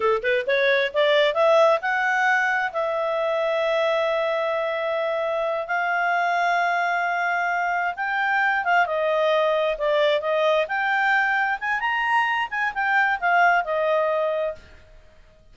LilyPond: \new Staff \with { instrumentName = "clarinet" } { \time 4/4 \tempo 4 = 132 a'8 b'8 cis''4 d''4 e''4 | fis''2 e''2~ | e''1~ | e''8 f''2.~ f''8~ |
f''4. g''4. f''8 dis''8~ | dis''4. d''4 dis''4 g''8~ | g''4. gis''8 ais''4. gis''8 | g''4 f''4 dis''2 | }